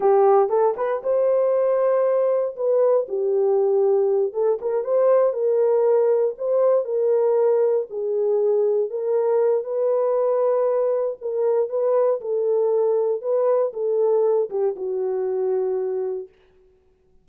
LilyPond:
\new Staff \with { instrumentName = "horn" } { \time 4/4 \tempo 4 = 118 g'4 a'8 b'8 c''2~ | c''4 b'4 g'2~ | g'8 a'8 ais'8 c''4 ais'4.~ | ais'8 c''4 ais'2 gis'8~ |
gis'4. ais'4. b'4~ | b'2 ais'4 b'4 | a'2 b'4 a'4~ | a'8 g'8 fis'2. | }